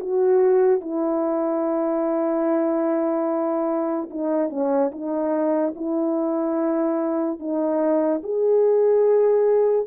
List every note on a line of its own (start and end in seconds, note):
0.00 0.81 F#4
0.81 4.10 E4
4.11 4.50 D#4
4.50 4.91 C#4
4.92 5.74 D#4
5.76 7.40 E4
7.40 8.22 D#4
8.23 9.87 G#4